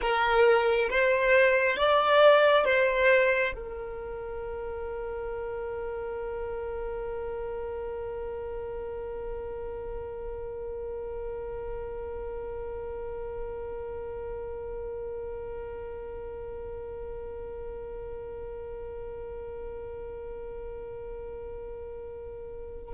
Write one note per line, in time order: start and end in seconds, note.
0.01 0.89 A#4
0.89 1.76 C5
1.76 2.64 D5
2.64 3.53 C5
3.55 22.94 A#4